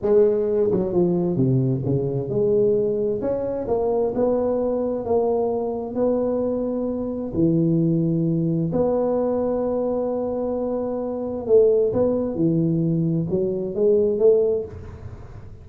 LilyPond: \new Staff \with { instrumentName = "tuba" } { \time 4/4 \tempo 4 = 131 gis4. fis8 f4 c4 | cis4 gis2 cis'4 | ais4 b2 ais4~ | ais4 b2. |
e2. b4~ | b1~ | b4 a4 b4 e4~ | e4 fis4 gis4 a4 | }